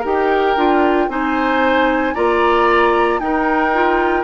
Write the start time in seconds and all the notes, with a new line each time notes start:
0.00 D#4 G4 A#4 G5
0.56 D4 F4
1.08 C4 D#4 C5 G#5
2.14 A#3 F4 D5 A#5
3.19 D#4 A#4 G5
3.74 F4